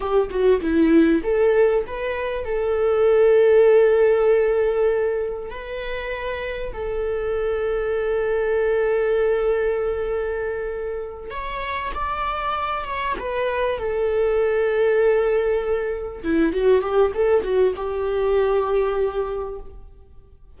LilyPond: \new Staff \with { instrumentName = "viola" } { \time 4/4 \tempo 4 = 98 g'8 fis'8 e'4 a'4 b'4 | a'1~ | a'4 b'2 a'4~ | a'1~ |
a'2~ a'8 cis''4 d''8~ | d''4 cis''8 b'4 a'4.~ | a'2~ a'8 e'8 fis'8 g'8 | a'8 fis'8 g'2. | }